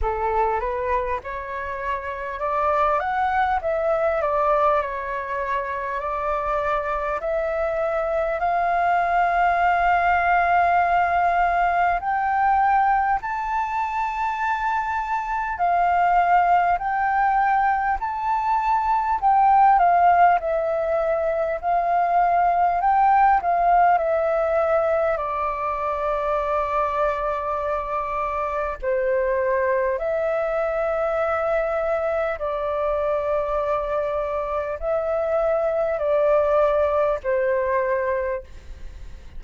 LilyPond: \new Staff \with { instrumentName = "flute" } { \time 4/4 \tempo 4 = 50 a'8 b'8 cis''4 d''8 fis''8 e''8 d''8 | cis''4 d''4 e''4 f''4~ | f''2 g''4 a''4~ | a''4 f''4 g''4 a''4 |
g''8 f''8 e''4 f''4 g''8 f''8 | e''4 d''2. | c''4 e''2 d''4~ | d''4 e''4 d''4 c''4 | }